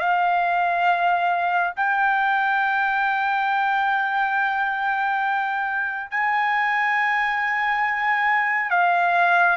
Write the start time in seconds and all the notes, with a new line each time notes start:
0.00 F5
1.76 G5
6.11 G#5
8.70 F5